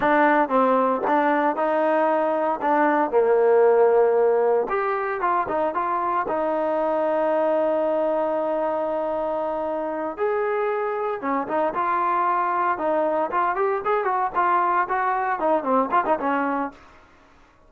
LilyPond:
\new Staff \with { instrumentName = "trombone" } { \time 4/4 \tempo 4 = 115 d'4 c'4 d'4 dis'4~ | dis'4 d'4 ais2~ | ais4 g'4 f'8 dis'8 f'4 | dis'1~ |
dis'2.~ dis'8 gis'8~ | gis'4. cis'8 dis'8 f'4.~ | f'8 dis'4 f'8 g'8 gis'8 fis'8 f'8~ | f'8 fis'4 dis'8 c'8 f'16 dis'16 cis'4 | }